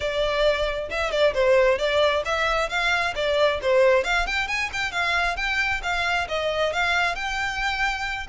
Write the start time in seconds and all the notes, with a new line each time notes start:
0.00 D5
0.89 E5
1.11 D5
1.34 C5
1.78 D5
2.25 E5
2.69 F5
3.15 D5
3.62 C5
4.04 F5
4.26 G5
4.47 G#5
4.72 G5
4.91 F5
5.36 G5
5.82 F5
6.28 D#5
6.72 F5
7.15 G5